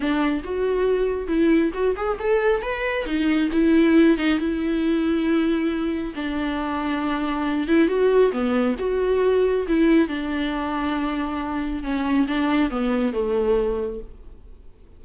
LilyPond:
\new Staff \with { instrumentName = "viola" } { \time 4/4 \tempo 4 = 137 d'4 fis'2 e'4 | fis'8 gis'8 a'4 b'4 dis'4 | e'4. dis'8 e'2~ | e'2 d'2~ |
d'4. e'8 fis'4 b4 | fis'2 e'4 d'4~ | d'2. cis'4 | d'4 b4 a2 | }